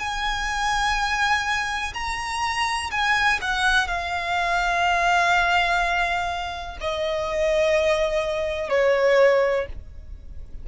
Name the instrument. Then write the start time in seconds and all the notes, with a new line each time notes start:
violin
0.00 G#5
1.94 A#5
2.92 G#5
3.42 F#5
3.88 F5
6.81 D#5
8.70 C#5